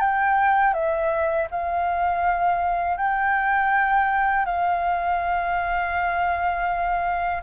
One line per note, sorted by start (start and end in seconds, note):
0.00 0.73 G5
0.73 1.47 E5
1.51 2.97 F5
2.97 4.45 G5
4.45 7.42 F5